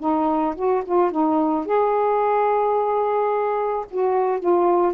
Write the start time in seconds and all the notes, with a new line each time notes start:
0.00 D#4
0.56 F#4
0.85 F4
1.11 D#4
1.66 G#4
3.91 F#4
4.40 F4